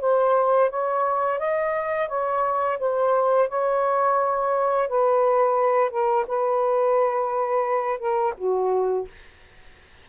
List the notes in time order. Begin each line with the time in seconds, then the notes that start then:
0.00 C5
0.69 C#5
1.39 D#5
2.08 C#5
2.79 C5
3.49 C#5
4.88 B4
5.90 A#4
6.27 B4
7.99 A#4
8.38 F#4